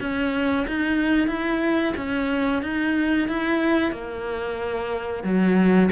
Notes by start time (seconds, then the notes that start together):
0.00 C#4
0.67 D#4
1.27 E4
1.96 C#4
2.62 D#4
3.28 E4
3.91 A#3
5.23 F#3